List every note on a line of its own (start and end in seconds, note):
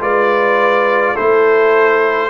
0.00 1.15 G#3
0.00 1.15 F4
0.00 1.14 B4
0.00 1.16 D5
1.14 2.30 A3
1.14 2.30 E4
1.14 2.29 A4
1.14 2.30 C5